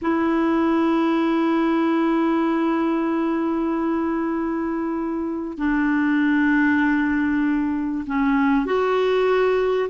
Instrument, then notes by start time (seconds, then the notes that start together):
clarinet
0.01 E4
5.57 D4
8.06 C#4
8.65 F#4